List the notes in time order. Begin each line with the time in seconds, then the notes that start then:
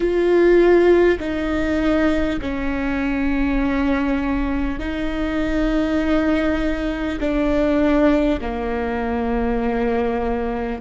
0.00 F4
1.19 D#4
2.41 C#4
4.79 D#4
7.19 D4
8.41 A#3